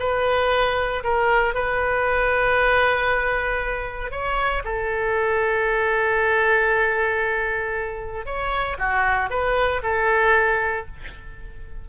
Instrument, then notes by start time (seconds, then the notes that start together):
oboe
0.00 B4
1.04 A#4
1.55 B4
4.12 C#5
4.65 A4
8.26 C#5
8.79 F#4
9.30 B4
9.83 A4